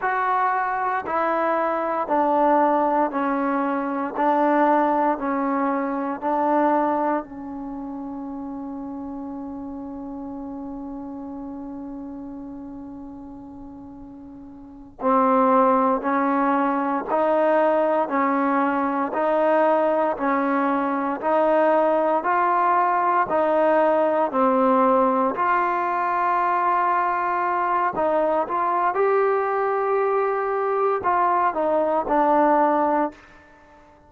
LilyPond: \new Staff \with { instrumentName = "trombone" } { \time 4/4 \tempo 4 = 58 fis'4 e'4 d'4 cis'4 | d'4 cis'4 d'4 cis'4~ | cis'1~ | cis'2~ cis'8 c'4 cis'8~ |
cis'8 dis'4 cis'4 dis'4 cis'8~ | cis'8 dis'4 f'4 dis'4 c'8~ | c'8 f'2~ f'8 dis'8 f'8 | g'2 f'8 dis'8 d'4 | }